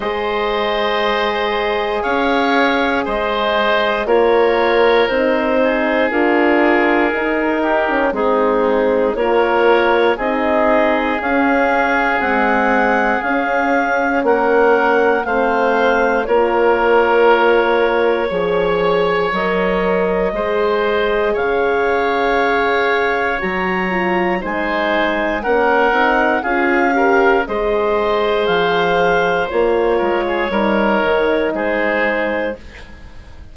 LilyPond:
<<
  \new Staff \with { instrumentName = "clarinet" } { \time 4/4 \tempo 4 = 59 dis''2 f''4 dis''4 | cis''4 c''4 ais'2 | gis'4 cis''4 dis''4 f''4 | fis''4 f''4 fis''4 f''4 |
cis''2. dis''4~ | dis''4 f''2 ais''4 | gis''4 fis''4 f''4 dis''4 | f''4 cis''2 c''4 | }
  \new Staff \with { instrumentName = "oboe" } { \time 4/4 c''2 cis''4 c''4 | ais'4. gis'2 g'8 | dis'4 ais'4 gis'2~ | gis'2 ais'4 c''4 |
ais'2 cis''2 | c''4 cis''2. | c''4 ais'4 gis'8 ais'8 c''4~ | c''4. ais'16 gis'16 ais'4 gis'4 | }
  \new Staff \with { instrumentName = "horn" } { \time 4/4 gis'1 | f'4 dis'4 f'4 dis'8. cis'16 | c'4 f'4 dis'4 cis'4 | gis4 cis'2 c'4 |
f'2 gis'4 ais'4 | gis'2. fis'8 f'8 | dis'4 cis'8 dis'8 f'8 g'8 gis'4~ | gis'4 f'4 dis'2 | }
  \new Staff \with { instrumentName = "bassoon" } { \time 4/4 gis2 cis'4 gis4 | ais4 c'4 d'4 dis'4 | gis4 ais4 c'4 cis'4 | c'4 cis'4 ais4 a4 |
ais2 f4 fis4 | gis4 cis2 fis4 | gis4 ais8 c'8 cis'4 gis4 | f4 ais8 gis8 g8 dis8 gis4 | }
>>